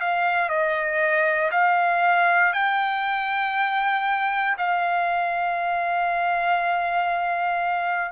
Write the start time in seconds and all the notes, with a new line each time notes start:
0.00 F5
0.49 D#5
1.51 F5
2.53 G5
4.58 F5